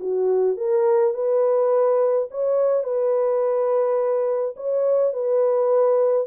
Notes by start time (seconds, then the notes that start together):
0.00 F#4
0.57 A#4
1.14 B4
2.31 C#5
2.84 B4
4.56 C#5
5.13 B4